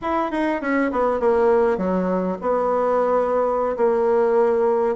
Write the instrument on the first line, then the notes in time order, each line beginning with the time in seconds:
bassoon
0.01 E4
0.31 D#4
0.61 C#4
0.91 B3
1.20 A#3
1.77 F#3
2.41 B3
3.76 A#3